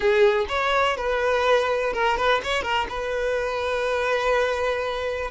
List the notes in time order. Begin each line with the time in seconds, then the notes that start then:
0.00 G#4
0.48 C#5
0.97 B4
1.93 A#4
2.17 B4
2.43 C#5
2.62 A#4
2.89 B4